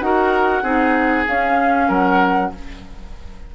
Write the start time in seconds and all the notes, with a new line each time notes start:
0.00 D#4 F#4 A#4 F#5
0.63 C4 D#4 G#4
1.28 C#4 F5
1.88 F#3 A#4 F#5